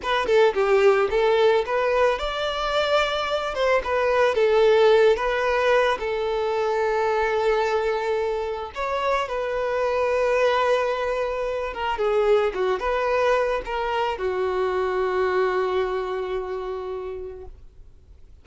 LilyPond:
\new Staff \with { instrumentName = "violin" } { \time 4/4 \tempo 4 = 110 b'8 a'8 g'4 a'4 b'4 | d''2~ d''8 c''8 b'4 | a'4. b'4. a'4~ | a'1 |
cis''4 b'2.~ | b'4. ais'8 gis'4 fis'8 b'8~ | b'4 ais'4 fis'2~ | fis'1 | }